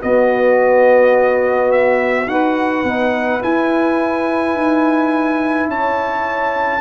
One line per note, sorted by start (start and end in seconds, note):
0.00 2.26 B3
0.00 2.27 B3
0.00 2.29 F#4
0.00 1.71 D#5
1.71 2.28 E5
2.27 2.83 D#4
2.27 2.85 F#4
2.27 5.68 B4
2.27 3.41 F#5
2.83 3.40 B3
2.83 3.41 D#4
3.41 6.81 E4
3.41 4.54 E4
3.41 5.69 G#5
4.54 5.67 D#4
5.67 6.81 C#4
5.67 6.81 C#5
5.67 6.81 A5